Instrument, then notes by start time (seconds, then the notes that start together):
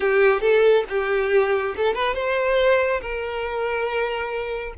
violin
0.00 G4
0.41 A4
0.88 G4
1.76 A4
1.94 B4
2.14 C5
3.01 A#4